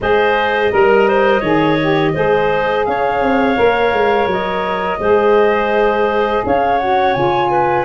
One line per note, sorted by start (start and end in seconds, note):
0.00 0.72 G#3
0.00 0.70 G#4
0.00 0.72 C5
0.00 2.85 D#5
0.70 1.42 G3
0.70 1.42 A#4
0.70 1.08 A#4
1.08 1.39 C5
1.39 2.13 D#3
1.39 1.78 G#4
1.39 2.11 C#5
1.80 2.15 G4
2.13 2.87 G#3
2.13 3.55 G#4
2.13 2.85 C5
2.85 3.22 C#4
2.85 5.00 C#5
2.85 4.28 F5
3.22 3.57 C4
3.55 3.92 A#3
3.55 4.98 A#4
3.92 4.26 G#3
4.26 4.98 F#3
4.26 6.46 D#5
4.99 6.42 G#3
4.99 6.79 G#4
4.99 6.43 C5
6.45 7.15 C#4
6.45 7.50 C#5
6.45 6.78 F5
6.78 7.14 F#4
6.78 7.13 F#5
7.13 7.84 C#3
7.13 7.84 F4
7.13 7.84 G#5
7.50 7.84 B4